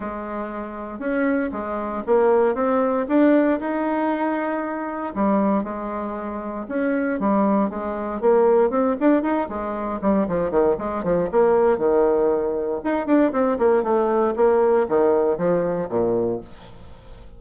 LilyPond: \new Staff \with { instrumentName = "bassoon" } { \time 4/4 \tempo 4 = 117 gis2 cis'4 gis4 | ais4 c'4 d'4 dis'4~ | dis'2 g4 gis4~ | gis4 cis'4 g4 gis4 |
ais4 c'8 d'8 dis'8 gis4 g8 | f8 dis8 gis8 f8 ais4 dis4~ | dis4 dis'8 d'8 c'8 ais8 a4 | ais4 dis4 f4 ais,4 | }